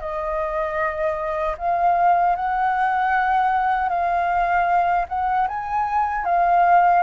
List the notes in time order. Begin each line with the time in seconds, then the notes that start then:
0.00 D#5
1.58 F5
2.36 F#5
3.89 F5
5.08 F#5
5.48 G#5
6.25 F5